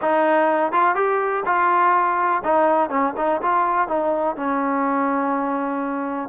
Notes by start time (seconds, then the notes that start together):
0.01 D#4
0.72 F4
0.95 G4
1.45 F4
2.43 D#4
2.89 C#4
3.16 D#4
3.42 F4
3.88 D#4
4.36 C#4